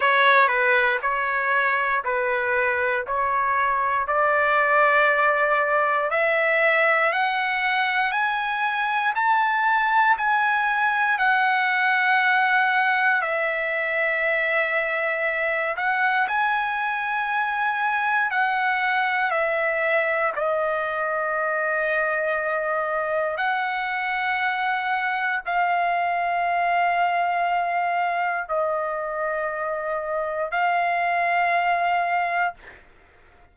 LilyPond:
\new Staff \with { instrumentName = "trumpet" } { \time 4/4 \tempo 4 = 59 cis''8 b'8 cis''4 b'4 cis''4 | d''2 e''4 fis''4 | gis''4 a''4 gis''4 fis''4~ | fis''4 e''2~ e''8 fis''8 |
gis''2 fis''4 e''4 | dis''2. fis''4~ | fis''4 f''2. | dis''2 f''2 | }